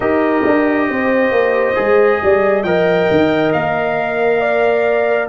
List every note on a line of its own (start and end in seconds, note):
0.00 0.43 D#4
0.00 1.75 G4
0.00 0.88 A#4
0.00 2.63 D#5
0.45 0.89 D4
0.89 1.31 C4
0.89 2.23 C5
1.31 1.75 A#3
1.75 2.22 G#3
1.75 2.63 G#4
2.23 2.63 G3
2.23 2.64 D5
2.63 3.07 F3
2.63 5.28 A#4
2.63 4.40 D#5
2.63 3.51 G5
3.10 3.54 D#3
3.52 5.28 A#3
3.52 5.28 F5
4.40 5.28 D5